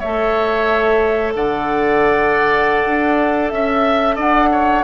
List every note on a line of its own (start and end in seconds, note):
0.00 1.36 A3
0.00 4.84 A4
0.00 1.34 C#5
0.00 1.33 E5
1.36 2.86 D3
1.36 3.53 D5
1.36 3.50 F#5
2.86 3.52 D4
3.50 4.18 C#4
3.50 4.17 E5
3.50 4.16 E5
4.16 4.84 D4
4.16 4.49 D5
4.16 4.84 F#5
4.52 4.84 C#5